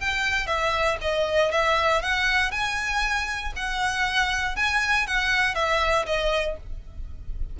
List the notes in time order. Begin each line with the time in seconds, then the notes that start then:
0.00 G5
0.47 E5
1.01 D#5
1.52 E5
2.02 F#5
2.51 G#5
3.56 F#5
4.56 G#5
5.07 F#5
5.55 E5
6.06 D#5